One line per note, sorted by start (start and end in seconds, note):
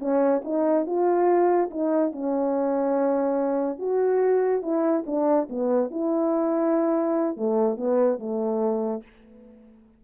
0.00 0.42 C#4
0.44 0.86 D#4
0.86 1.70 F4
1.71 2.12 D#4
2.12 3.79 C#4
3.79 4.62 F#4
4.62 5.04 E4
5.07 5.49 D4
5.50 5.91 B3
5.91 7.37 E4
7.37 7.77 A3
7.77 8.19 B3
8.19 9.03 A3